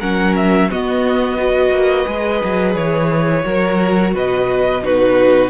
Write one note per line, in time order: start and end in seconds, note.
0.00 0.71 F#3
0.00 0.70 C#4
0.00 0.69 A#4
0.00 0.35 F#5
0.36 0.71 E5
0.70 1.38 B3
0.70 1.71 B3
0.70 1.39 F#4
0.70 2.76 D#5
1.38 2.06 F#4
1.38 3.46 B4
1.71 2.05 A#3
2.06 2.42 G#3
2.06 3.44 G#4
2.44 2.75 F#3
2.75 3.44 E3
2.75 4.14 C#5
3.44 4.15 F#3
3.44 4.82 F#4
3.44 4.15 A#4
4.15 5.51 B2
4.15 4.84 B4
4.15 4.85 D#5
4.83 5.51 D#4
4.83 5.51 F#4
4.83 5.51 B4